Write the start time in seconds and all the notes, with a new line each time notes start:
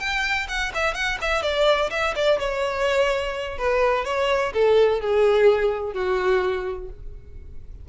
0.00 G5
0.49 F#5
0.75 E5
0.95 F#5
1.22 E5
1.43 D5
1.91 E5
2.16 D5
2.40 C#5
3.58 B4
4.05 C#5
4.54 A4
5.01 G#4
5.94 F#4